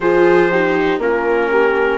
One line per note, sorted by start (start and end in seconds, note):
0.00 0.98 F3
0.00 0.51 F4
0.00 0.50 G#4
0.00 1.00 C5
0.50 1.00 D#4
0.50 1.00 G4
0.98 1.97 A#3
0.98 1.97 C#4
0.98 1.50 F4
0.98 1.97 A#4
1.50 1.97 G4